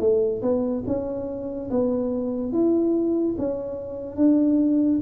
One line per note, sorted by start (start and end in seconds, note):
0.00 0.42 A3
0.42 0.84 B3
0.87 1.70 C#4
1.70 2.53 B3
2.53 3.36 E4
3.38 4.16 C#4
4.16 5.00 D4